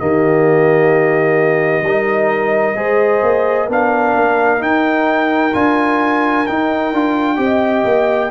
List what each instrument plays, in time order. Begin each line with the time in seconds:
0.00 tuba D#3, trombone A#3, horn G4, trumpet D#5
1.82 tuba G3, trombone D#4, horn A#4
2.76 tuba G#3, trombone G#4, horn C5
3.23 tuba A#3
3.66 tuba B3, trombone D4, horn A#4
3.72 trumpet F5
4.16 tuba A#3
4.59 trombone D#4, tuba D#4, trumpet G5
5.53 tuba D4, trombone F4, trumpet G#5
6.47 trombone D#4, tuba D#4, trumpet G5
6.93 tuba D4, trombone F4
7.37 tuba C4, trombone G4
7.43 horn D#5
7.85 tuba A#3